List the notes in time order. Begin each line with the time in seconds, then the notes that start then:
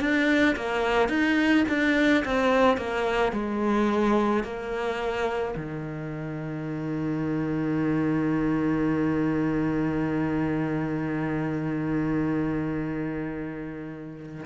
0.00 D4
0.56 A#3
1.09 D#4
1.68 D4
2.25 C4
2.77 A#3
3.32 G#3
4.43 A#3
5.57 D#3